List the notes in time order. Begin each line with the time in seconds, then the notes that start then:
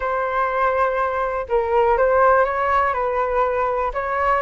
0.00 C5
1.48 A#4
1.97 C5
2.44 C#5
2.93 B4
3.93 C#5